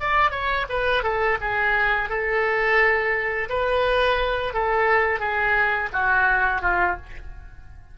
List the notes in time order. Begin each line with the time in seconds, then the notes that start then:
0.00 D5
0.31 C#5
0.69 B4
1.03 A4
1.41 G#4
2.09 A4
3.49 B4
4.53 A4
5.20 G#4
5.93 F#4
6.62 F4